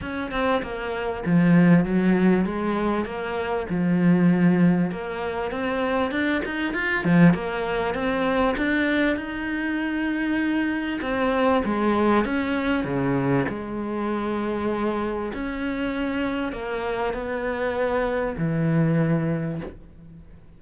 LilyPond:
\new Staff \with { instrumentName = "cello" } { \time 4/4 \tempo 4 = 98 cis'8 c'8 ais4 f4 fis4 | gis4 ais4 f2 | ais4 c'4 d'8 dis'8 f'8 f8 | ais4 c'4 d'4 dis'4~ |
dis'2 c'4 gis4 | cis'4 cis4 gis2~ | gis4 cis'2 ais4 | b2 e2 | }